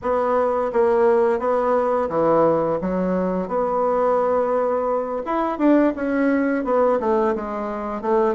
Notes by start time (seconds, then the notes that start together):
0.02 B3
0.72 A#3
1.39 B3
2.09 E3
2.81 F#3
3.48 B3
5.25 E4
5.58 D4
5.95 C#4
6.64 B3
7.00 A3
7.35 G#3
8.01 A3